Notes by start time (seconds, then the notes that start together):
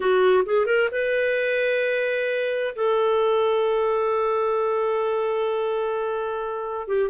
0.00 F#4
0.45 G#4
0.66 A#4
0.91 B4
2.75 A4
6.87 G4